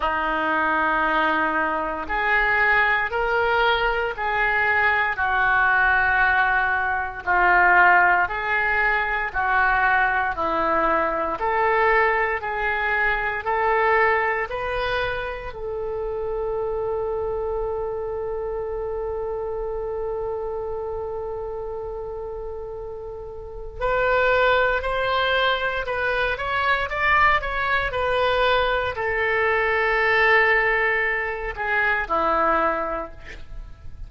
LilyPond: \new Staff \with { instrumentName = "oboe" } { \time 4/4 \tempo 4 = 58 dis'2 gis'4 ais'4 | gis'4 fis'2 f'4 | gis'4 fis'4 e'4 a'4 | gis'4 a'4 b'4 a'4~ |
a'1~ | a'2. b'4 | c''4 b'8 cis''8 d''8 cis''8 b'4 | a'2~ a'8 gis'8 e'4 | }